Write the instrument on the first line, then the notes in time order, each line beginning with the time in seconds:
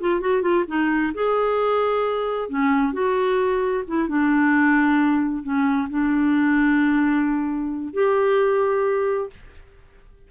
clarinet
0.00 F4
0.21 F#4
0.42 F4
0.67 D#4
1.14 G#4
2.49 C#4
2.93 F#4
3.87 E4
4.08 D4
5.43 C#4
5.89 D4
7.93 G4